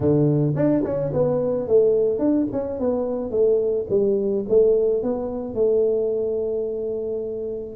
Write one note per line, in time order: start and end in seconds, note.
0.00 0.53 D3
0.55 0.83 D4
0.84 1.12 C#4
1.13 1.67 B3
1.67 2.18 A3
2.18 2.46 D4
2.52 2.79 C#4
2.79 3.31 B3
3.31 3.86 A3
3.89 4.45 G3
4.48 5.03 A3
5.03 5.54 B3
5.54 7.76 A3